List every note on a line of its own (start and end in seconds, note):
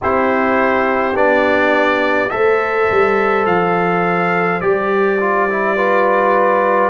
0.01 1.14 C4
0.01 1.13 E4
0.01 2.32 G4
0.01 1.16 C5
1.13 2.30 B3
1.13 2.29 D4
1.13 2.29 D5
2.29 2.90 A3
2.29 4.61 A4
2.29 5.75 C5
2.29 3.44 E5
2.90 3.45 G3
3.45 4.61 F3
3.45 4.61 F5
4.61 6.89 G3
4.61 5.19 G4
4.61 6.89 D5
5.20 5.49 F4
5.49 5.77 E4
5.75 6.89 F4
5.75 6.89 B4